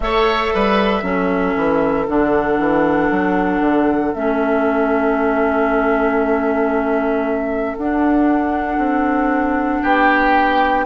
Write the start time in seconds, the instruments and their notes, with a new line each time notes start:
0.00 bassoon A3, clarinet A4, oboe C#5, flute E5
0.53 bassoon G3, oboe B4
1.02 bassoon F#3, clarinet C#4, oboe A4
1.56 bassoon E3
2.07 bassoon D3, clarinet D4, flute F#5
2.58 bassoon E3
3.10 bassoon F#3
3.60 bassoon D3
4.14 bassoon A3, clarinet C#4, flute E5
7.77 bassoon D4, clarinet D4, flute F#5
8.77 bassoon C4
9.81 bassoon B3, oboe G4, flute G5